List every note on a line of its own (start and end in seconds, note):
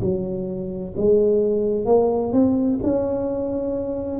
0.00 0.94 F#3
0.96 1.85 G#3
1.85 2.32 A#3
2.32 2.79 C4
2.83 4.20 C#4